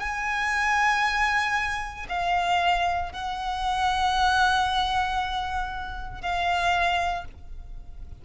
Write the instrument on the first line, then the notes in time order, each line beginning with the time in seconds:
violin
0.00 G#5
2.09 F5
3.13 F#5
6.22 F5